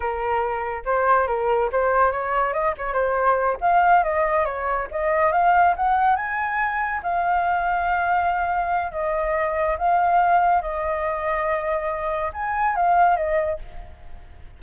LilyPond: \new Staff \with { instrumentName = "flute" } { \time 4/4 \tempo 4 = 141 ais'2 c''4 ais'4 | c''4 cis''4 dis''8 cis''8 c''4~ | c''8 f''4 dis''4 cis''4 dis''8~ | dis''8 f''4 fis''4 gis''4.~ |
gis''8 f''2.~ f''8~ | f''4 dis''2 f''4~ | f''4 dis''2.~ | dis''4 gis''4 f''4 dis''4 | }